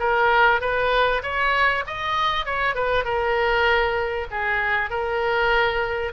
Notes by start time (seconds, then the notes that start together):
0.00 A#4
0.61 B4
1.23 C#5
1.87 D#5
2.46 C#5
2.75 B4
3.05 A#4
4.31 G#4
4.90 A#4